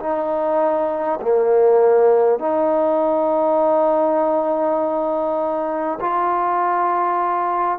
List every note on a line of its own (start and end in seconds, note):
0.00 1.20 D#4
1.22 2.39 A#3
2.39 5.99 D#4
6.01 7.79 F4